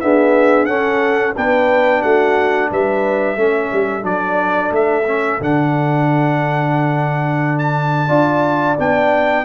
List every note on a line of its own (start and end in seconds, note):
0.00 0.67 B3
0.00 0.66 D4
0.00 0.67 G#4
0.00 0.65 E5
0.65 1.33 C#4
0.65 1.35 C#4
0.65 1.35 A4
0.65 1.32 F#5
1.36 2.03 B3
1.36 3.37 D4
1.36 2.01 B4
1.36 2.02 G5
2.01 2.70 A3
2.01 2.68 F#4
2.01 2.69 F#5
2.71 3.36 G3
2.71 3.38 B4
2.71 4.04 E5
3.36 3.70 A3
3.36 4.02 C#4
3.36 8.07 A4
3.72 4.03 G3
4.02 4.70 F#3
4.02 5.03 D4
4.02 4.72 D5
4.70 5.38 A3
4.70 5.42 E5
5.06 5.40 C#4
5.40 8.09 D3
5.40 8.08 D4
5.40 7.58 F#5
7.58 8.76 A5
8.07 8.76 D4
8.07 8.75 F4
8.07 9.42 D5
8.78 9.45 B3
8.78 9.45 D4
8.78 9.45 G5